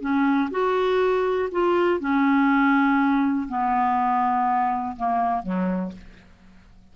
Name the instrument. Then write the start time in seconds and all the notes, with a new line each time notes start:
clarinet
0.00 C#4
0.50 F#4
1.51 F4
2.00 C#4
3.48 B3
4.96 A#3
5.42 F#3